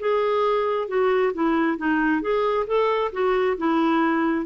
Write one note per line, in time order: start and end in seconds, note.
0.00 0.88 G#4
0.88 1.33 F#4
1.34 1.78 E4
1.78 2.22 D#4
2.22 2.67 G#4
2.67 3.12 A4
3.13 3.58 F#4
3.58 4.46 E4